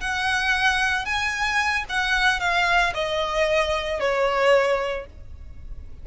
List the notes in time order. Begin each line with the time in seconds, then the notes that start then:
0.00 F#5
1.05 G#5
1.89 F#5
2.40 F5
2.94 D#5
4.00 C#5